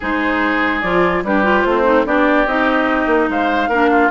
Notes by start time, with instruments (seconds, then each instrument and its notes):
0.00 bassoon G#3, clarinet D#4, oboe G#4, flute C5
0.81 bassoon F3, clarinet F4, flute D5
1.23 bassoon G3, clarinet D4, oboe G4, flute B4
1.43 clarinet F4
1.62 bassoon A3, oboe C4, flute C5
1.84 clarinet D#4
2.05 bassoon B3, clarinet D4, oboe G4, flute D5
2.46 bassoon C4, clarinet D#4, flute D#5
3.06 bassoon A#3
3.29 bassoon G#3, oboe C5, flute F5
3.68 bassoon A#3, clarinet D4, oboe A#4
3.91 oboe F4